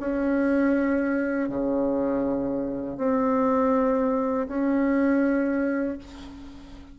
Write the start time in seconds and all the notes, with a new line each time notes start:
0.00 C#4
1.49 C#3
2.98 C4
4.48 C#4